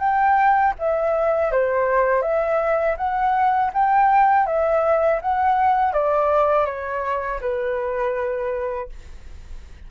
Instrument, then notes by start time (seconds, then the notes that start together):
flute
0.00 G5
0.79 E5
1.52 C5
2.22 E5
2.97 F#5
3.74 G5
4.46 E5
5.22 F#5
5.93 D5
6.66 C#5
7.41 B4